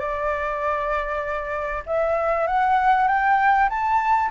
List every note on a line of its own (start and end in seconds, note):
0.00 1.84 D5
1.87 2.47 E5
2.47 3.08 F#5
3.08 3.69 G5
3.70 4.31 A5